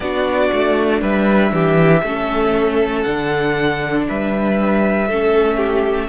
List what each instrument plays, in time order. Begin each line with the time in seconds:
0.00 cello B3, viola D4, violin F#4 D5
0.52 cello A3
1.01 cello G3, violin B4 E5
1.51 cello E3, violin G4
2.03 cello A3, viola C#4, violin A4
3.01 cello D3, viola D4, violin F#5
4.08 cello G3, violin B4 E5
5.07 cello A3, viola C#4, violin A4
5.57 violin G4